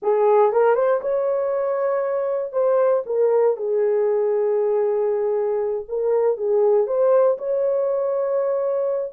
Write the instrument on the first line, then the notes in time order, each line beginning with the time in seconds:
horn
0.02 G#4
0.52 A#4
0.75 C5
1.01 C#5
2.52 C5
3.05 A#4
3.56 G#4
5.88 A#4
6.37 G#4
6.86 C5
7.38 C#5